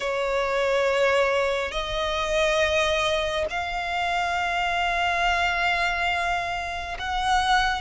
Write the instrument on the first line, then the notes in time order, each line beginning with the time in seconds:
violin
0.00 C#5
1.72 D#5
3.49 F5
6.98 F#5